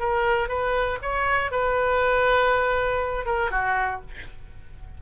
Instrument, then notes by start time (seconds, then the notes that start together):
oboe
0.00 A#4
0.49 B4
1.02 C#5
1.52 B4
3.26 A#4
3.51 F#4